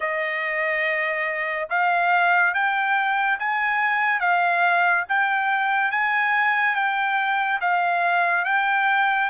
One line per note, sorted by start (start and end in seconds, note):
0.00 1.69 D#5
1.69 2.54 F5
2.54 3.38 G5
3.39 4.20 G#5
4.20 5.04 F5
5.09 5.91 G5
5.91 6.75 G#5
6.75 7.59 G5
7.61 8.45 F5
8.45 9.29 G5